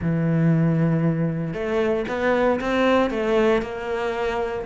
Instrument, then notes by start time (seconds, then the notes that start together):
cello
0.01 E3
1.53 A3
2.08 B3
2.60 C4
3.10 A3
3.61 A#3